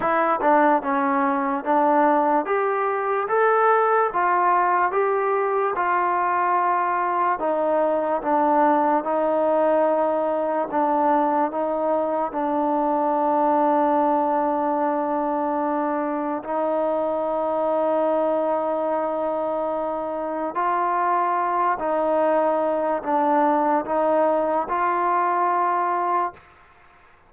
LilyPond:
\new Staff \with { instrumentName = "trombone" } { \time 4/4 \tempo 4 = 73 e'8 d'8 cis'4 d'4 g'4 | a'4 f'4 g'4 f'4~ | f'4 dis'4 d'4 dis'4~ | dis'4 d'4 dis'4 d'4~ |
d'1 | dis'1~ | dis'4 f'4. dis'4. | d'4 dis'4 f'2 | }